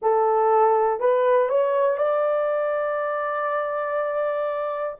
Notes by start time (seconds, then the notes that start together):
0.01 A4
1.00 B4
1.49 C#5
1.97 D5